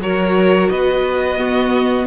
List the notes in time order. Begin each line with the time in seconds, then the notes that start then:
0.00 F#3 F#4 A#4 C#5
0.69 B3 B4 D#5
1.38 B3 F#4